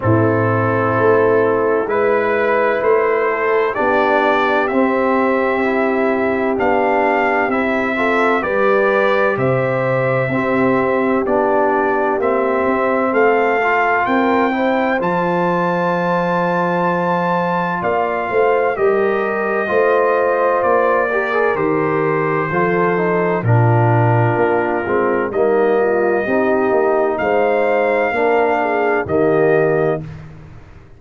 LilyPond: <<
  \new Staff \with { instrumentName = "trumpet" } { \time 4/4 \tempo 4 = 64 a'2 b'4 c''4 | d''4 e''2 f''4 | e''4 d''4 e''2 | d''4 e''4 f''4 g''4 |
a''2. f''4 | dis''2 d''4 c''4~ | c''4 ais'2 dis''4~ | dis''4 f''2 dis''4 | }
  \new Staff \with { instrumentName = "horn" } { \time 4/4 e'2 b'4. a'8 | g'1~ | g'8 a'8 b'4 c''4 g'4~ | g'2 a'4 ais'8 c''8~ |
c''2. d''8 c''8 | ais'4 c''4. ais'4. | a'4 f'2 dis'8 f'8 | g'4 c''4 ais'8 gis'8 g'4 | }
  \new Staff \with { instrumentName = "trombone" } { \time 4/4 c'2 e'2 | d'4 c'4 e'4 d'4 | e'8 f'8 g'2 c'4 | d'4 c'4. f'4 e'8 |
f'1 | g'4 f'4. g'16 gis'16 g'4 | f'8 dis'8 d'4. c'8 ais4 | dis'2 d'4 ais4 | }
  \new Staff \with { instrumentName = "tuba" } { \time 4/4 a,4 a4 gis4 a4 | b4 c'2 b4 | c'4 g4 c4 c'4 | b4 ais8 c'8 a4 c'4 |
f2. ais8 a8 | g4 a4 ais4 dis4 | f4 ais,4 ais8 gis8 g4 | c'8 ais8 gis4 ais4 dis4 | }
>>